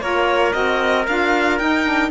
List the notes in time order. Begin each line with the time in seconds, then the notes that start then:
0.00 A#3 F4 A#4 C#5
0.52 C4 F#4 D#5
1.07 D4 F4 F5
1.58 D#4 G5
1.84 D4